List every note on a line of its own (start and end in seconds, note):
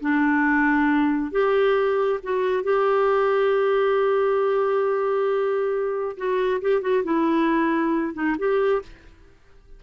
0.00 1.31 D4
1.31 2.19 G4
2.23 2.63 F#4
2.63 6.16 G4
6.17 6.61 F#4
6.61 6.81 G4
6.81 7.03 F#4
7.03 8.14 E4
8.14 8.36 D#4
8.38 8.82 G4